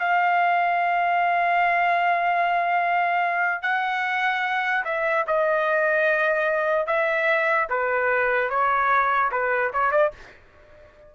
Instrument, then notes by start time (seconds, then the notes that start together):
trumpet
0.00 F5
3.63 F#5
4.85 E5
5.27 D#5
6.87 E5
7.70 B4
8.50 C#5
9.32 B4
9.73 C#5
9.92 D5